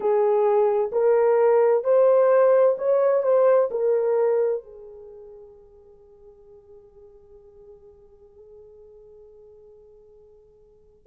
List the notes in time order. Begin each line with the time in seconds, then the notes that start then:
0.00 G#4
0.91 A#4
1.83 C5
2.77 C#5
3.23 C5
3.70 A#4
4.63 G#4